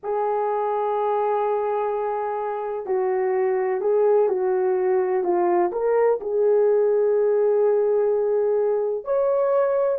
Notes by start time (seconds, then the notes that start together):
0.03 G#4
2.85 F#4
3.81 G#4
4.28 F#4
5.23 F4
5.72 A#4
6.20 G#4
9.04 C#5